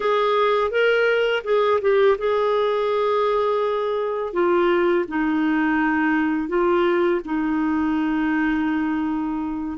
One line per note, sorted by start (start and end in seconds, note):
0.00 0.70 G#4
0.70 1.43 A#4
1.44 1.80 G#4
1.81 2.17 G4
2.18 4.33 G#4
4.33 5.05 F4
5.08 6.48 D#4
6.48 7.20 F4
7.25 9.78 D#4